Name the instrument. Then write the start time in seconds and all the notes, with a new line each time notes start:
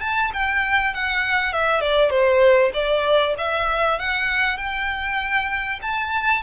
violin
0.00 A5
0.33 G5
0.94 F#5
1.52 E5
1.80 D5
2.09 C5
2.73 D5
3.38 E5
3.99 F#5
4.57 G5
5.82 A5